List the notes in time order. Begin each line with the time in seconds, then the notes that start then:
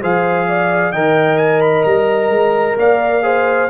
0.00 F3 G#4 C5 F5
0.48 D5
0.92 D#3 A#4 D#5 G5
1.37 G#5
1.61 B5
1.84 G3 A#5
2.28 G#3
2.77 A#3 D5 F5
3.22 G#4 C5